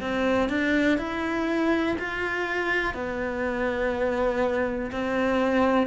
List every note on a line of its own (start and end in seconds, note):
0.00 0.49 C4
0.49 0.97 D4
0.97 1.96 E4
1.98 2.94 F4
2.94 4.90 B3
4.91 5.87 C4